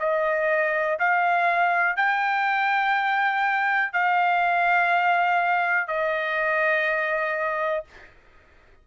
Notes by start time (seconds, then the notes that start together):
0.00 D#5
1.00 F5
1.97 G5
3.93 F5
5.88 D#5